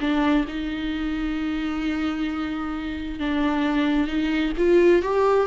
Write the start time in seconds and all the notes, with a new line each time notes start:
0.00 D4
0.48 D#4
3.19 D4
4.07 D#4
4.57 F4
5.02 G4